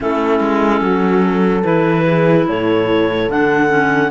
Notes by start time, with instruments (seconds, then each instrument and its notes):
0.00 cello A3, clarinet C#4 A4, horn E4
0.40 cello G#3
0.81 cello F#3, horn F#4
1.22 horn A4
1.63 cello E3, clarinet E4 B4
2.05 horn G#4
2.48 cello A2, horn A4, clarinet C#5
3.28 cello D3, clarinet D4 F#5
3.68 clarinet C#4